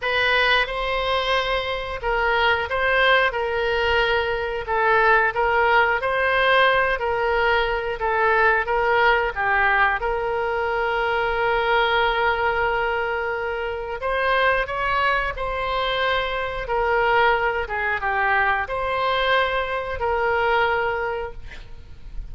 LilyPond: \new Staff \with { instrumentName = "oboe" } { \time 4/4 \tempo 4 = 90 b'4 c''2 ais'4 | c''4 ais'2 a'4 | ais'4 c''4. ais'4. | a'4 ais'4 g'4 ais'4~ |
ais'1~ | ais'4 c''4 cis''4 c''4~ | c''4 ais'4. gis'8 g'4 | c''2 ais'2 | }